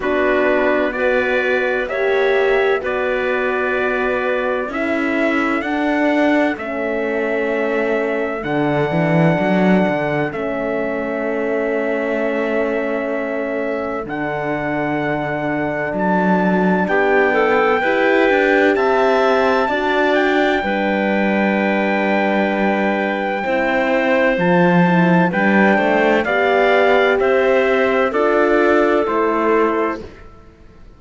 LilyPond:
<<
  \new Staff \with { instrumentName = "trumpet" } { \time 4/4 \tempo 4 = 64 b'4 d''4 e''4 d''4~ | d''4 e''4 fis''4 e''4~ | e''4 fis''2 e''4~ | e''2. fis''4~ |
fis''4 a''4 g''2 | a''4. g''2~ g''8~ | g''2 a''4 g''4 | f''4 e''4 d''4 c''4 | }
  \new Staff \with { instrumentName = "clarinet" } { \time 4/4 fis'4 b'4 cis''4 b'4~ | b'4 a'2.~ | a'1~ | a'1~ |
a'2 g'8 a'8 b'4 | e''4 d''4 b'2~ | b'4 c''2 b'8 c''8 | d''4 c''4 a'2 | }
  \new Staff \with { instrumentName = "horn" } { \time 4/4 d'4 fis'4 g'4 fis'4~ | fis'4 e'4 d'4 cis'4~ | cis'4 d'2 cis'4~ | cis'2. d'4~ |
d'2. g'4~ | g'4 fis'4 d'2~ | d'4 e'4 f'8 e'8 d'4 | g'2 f'4 e'4 | }
  \new Staff \with { instrumentName = "cello" } { \time 4/4 b2 ais4 b4~ | b4 cis'4 d'4 a4~ | a4 d8 e8 fis8 d8 a4~ | a2. d4~ |
d4 fis4 b4 e'8 d'8 | c'4 d'4 g2~ | g4 c'4 f4 g8 a8 | b4 c'4 d'4 a4 | }
>>